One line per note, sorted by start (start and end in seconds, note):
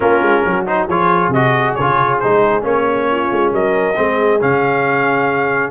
0.00 0.22 A#3
0.00 0.66 C#4
0.00 0.44 F4
0.00 0.66 A#4
0.22 0.44 G#3
0.45 0.88 F#3
0.45 0.87 F#4
0.66 0.88 D#4
0.66 0.88 C5
0.87 1.28 F3
0.87 1.34 F4
0.87 3.07 G#4
0.87 1.33 C#5
1.28 1.72 C3
1.28 1.78 F#4
1.28 1.74 D#5
1.74 2.23 C#3
1.74 2.18 C#5
1.80 2.23 F4
2.19 2.63 G#3
2.19 2.61 D#4
2.19 2.63 C5
2.61 3.29 A#3
2.61 3.94 C#4
2.61 3.53 C#5
3.10 3.53 F4
3.31 3.52 G#3
3.52 3.96 F#3
3.52 3.97 A#4
3.52 4.41 D#5
3.95 4.42 G#3
3.95 4.39 C4
3.95 5.70 G#4
4.41 5.70 C#3
4.41 5.70 C#4
4.41 5.70 F5